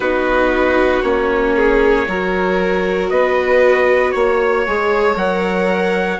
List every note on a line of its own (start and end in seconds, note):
0.00 1.02 B3
0.00 1.03 D#4
0.00 1.54 F#4
0.00 1.02 B4
1.02 2.06 A#3
1.02 2.06 C#4
1.02 3.08 C#5
1.56 2.07 G#4
2.07 3.10 F#3
2.07 4.66 F#4
2.07 3.09 A#4
3.09 4.14 B3
3.09 4.13 B4
3.09 4.11 D#5
4.11 4.66 A#3
4.11 5.14 C#5
4.11 6.19 C#5
4.66 5.15 G#3
4.66 5.15 G#4
5.15 6.19 F#3
5.15 6.19 A#4
5.15 6.19 F#5